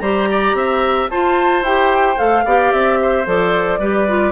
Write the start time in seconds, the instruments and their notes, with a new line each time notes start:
0.00 bassoon G3, clarinet G4, oboe C5, flute A#5
0.31 oboe D5
0.54 bassoon C4, oboe E5
1.10 clarinet F4, bassoon F4, oboe C5, flute A5
1.62 bassoon E4, clarinet G4, flute G5
2.17 bassoon A3, clarinet A4, flute F5
2.45 bassoon B3, clarinet G4, oboe D5
2.72 bassoon C4, flute E5
3.02 oboe C5
3.25 bassoon F3, clarinet A4, flute D5
3.79 bassoon G3, clarinet G4, oboe B4
4.08 clarinet F4